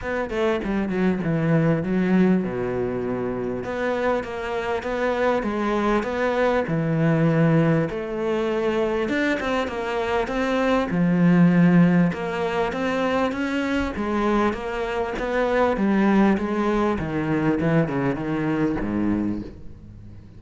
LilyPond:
\new Staff \with { instrumentName = "cello" } { \time 4/4 \tempo 4 = 99 b8 a8 g8 fis8 e4 fis4 | b,2 b4 ais4 | b4 gis4 b4 e4~ | e4 a2 d'8 c'8 |
ais4 c'4 f2 | ais4 c'4 cis'4 gis4 | ais4 b4 g4 gis4 | dis4 e8 cis8 dis4 gis,4 | }